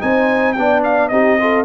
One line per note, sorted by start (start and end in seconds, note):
0.00 0.58 C4
0.00 0.56 D#4
0.00 0.57 C5
0.00 0.53 G#5
0.53 1.11 B3
0.53 1.12 D4
0.53 1.12 D5
0.53 0.81 G5
0.84 1.08 F5
1.08 1.65 C4
1.08 1.39 D#4
1.08 1.40 G4
1.08 1.64 D#5
1.40 1.65 F4
1.40 1.65 A4